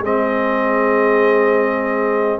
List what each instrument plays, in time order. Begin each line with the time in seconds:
0.00 tuba G#3, trombone C4, horn G#4, trumpet D#5